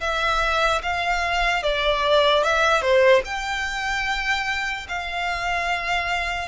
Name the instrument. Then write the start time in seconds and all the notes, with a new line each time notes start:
violin
0.00 E5
0.82 F5
1.63 D5
2.44 E5
2.81 C5
3.25 G5
4.88 F5